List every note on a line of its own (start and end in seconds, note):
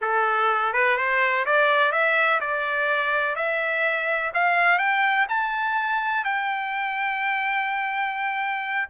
0.01 0.73 A4
0.73 0.97 B4
0.97 1.45 C5
1.45 1.92 D5
1.92 2.40 E5
2.40 3.35 D5
3.35 4.31 E5
4.34 4.78 F5
4.78 5.26 G5
5.28 6.24 A5
6.24 8.88 G5